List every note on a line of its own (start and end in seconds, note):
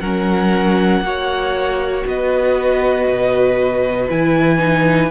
0.00 1.01 F#3
0.00 1.03 C#4
0.00 1.03 A#4
0.00 2.03 F#5
1.01 2.03 A#3
1.01 4.08 F#4
1.01 2.07 C#5
2.06 3.07 B3
2.06 5.11 B4
2.06 4.10 D#5
3.07 4.09 B2
4.09 5.11 E3
4.09 4.58 E4
4.09 5.11 G#5
4.58 5.09 D#4